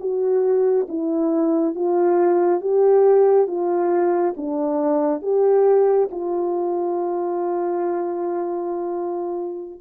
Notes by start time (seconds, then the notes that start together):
0.00 F#4
0.89 E4
1.75 F4
2.61 G4
3.47 F4
4.37 D4
5.22 G4
6.11 F4